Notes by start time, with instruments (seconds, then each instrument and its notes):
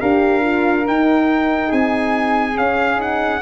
0.00 tuba D4, horn G4, flute A#4, trumpet F5
0.41 horn F4
0.84 horn D#4, tuba D#4, trumpet G5
1.68 tuba C4, flute G#4, trumpet G#5
2.54 horn C#4, tuba C#4, trumpet F5
2.96 horn D#4, trumpet F#5